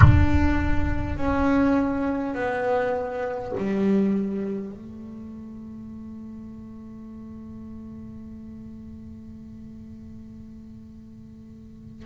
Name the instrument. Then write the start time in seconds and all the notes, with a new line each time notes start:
double bass
0.00 D4
1.17 C#4
2.34 B3
3.57 G3
4.71 A3